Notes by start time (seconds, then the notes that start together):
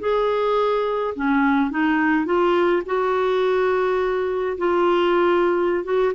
0.00 G#4
1.16 C#4
1.71 D#4
2.25 F4
2.86 F#4
4.58 F4
5.84 F#4